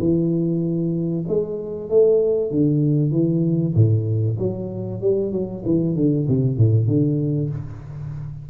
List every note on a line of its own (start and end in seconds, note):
0.00 1.25 E3
1.28 1.90 G#3
1.90 2.51 A3
2.51 3.12 D3
3.12 3.74 E3
3.75 4.38 A2
4.39 5.01 F#3
5.01 5.32 G3
5.32 5.64 F#3
5.66 5.96 E3
5.96 6.27 D3
6.28 6.58 C3
6.58 6.88 A2
6.88 7.50 D3